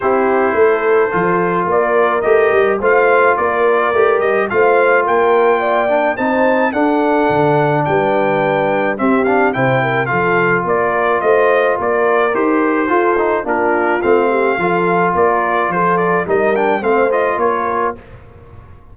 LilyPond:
<<
  \new Staff \with { instrumentName = "trumpet" } { \time 4/4 \tempo 4 = 107 c''2. d''4 | dis''4 f''4 d''4. dis''8 | f''4 g''2 a''4 | fis''2 g''2 |
e''8 f''8 g''4 f''4 d''4 | dis''4 d''4 c''2 | ais'4 f''2 d''4 | c''8 d''8 dis''8 g''8 f''8 dis''8 cis''4 | }
  \new Staff \with { instrumentName = "horn" } { \time 4/4 g'4 a'2 ais'4~ | ais'4 c''4 ais'2 | c''4 ais'4 d''4 c''4 | a'2 b'2 |
g'4 c''8 ais'8 a'4 ais'4 | c''4 ais'2 a'4 | f'4. g'8 a'4 ais'4 | a'4 ais'4 c''4 ais'4 | }
  \new Staff \with { instrumentName = "trombone" } { \time 4/4 e'2 f'2 | g'4 f'2 g'4 | f'2~ f'8 d'8 dis'4 | d'1 |
c'8 d'8 e'4 f'2~ | f'2 g'4 f'8 dis'8 | d'4 c'4 f'2~ | f'4 dis'8 d'8 c'8 f'4. | }
  \new Staff \with { instrumentName = "tuba" } { \time 4/4 c'4 a4 f4 ais4 | a8 g8 a4 ais4 a8 g8 | a4 ais2 c'4 | d'4 d4 g2 |
c'4 c4 f4 ais4 | a4 ais4 dis'4 f'4 | ais4 a4 f4 ais4 | f4 g4 a4 ais4 | }
>>